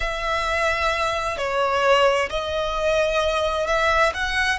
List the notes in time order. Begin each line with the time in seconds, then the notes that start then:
0.00 E5
1.37 C#5
2.29 D#5
3.66 E5
4.13 F#5